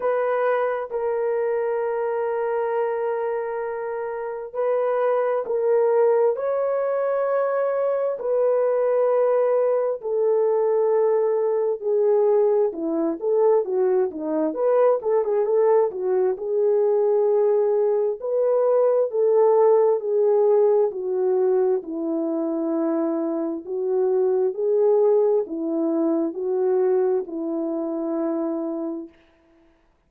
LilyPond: \new Staff \with { instrumentName = "horn" } { \time 4/4 \tempo 4 = 66 b'4 ais'2.~ | ais'4 b'4 ais'4 cis''4~ | cis''4 b'2 a'4~ | a'4 gis'4 e'8 a'8 fis'8 dis'8 |
b'8 a'16 gis'16 a'8 fis'8 gis'2 | b'4 a'4 gis'4 fis'4 | e'2 fis'4 gis'4 | e'4 fis'4 e'2 | }